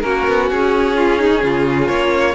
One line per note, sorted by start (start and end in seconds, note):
0.00 0.26 A#3
0.00 2.34 C#4
0.00 0.96 F#4
0.00 0.47 A#4
0.27 0.50 B3
0.50 1.43 C#4
0.50 1.88 G#4
0.96 1.18 F4
1.18 1.41 D#4
1.43 1.88 C#3
1.43 2.34 F4
1.88 2.34 A#3
1.88 2.34 C#5